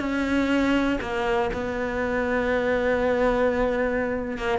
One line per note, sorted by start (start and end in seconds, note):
0.00 0.99 C#4
1.01 1.51 A#3
1.54 4.38 B3
4.38 4.59 A#3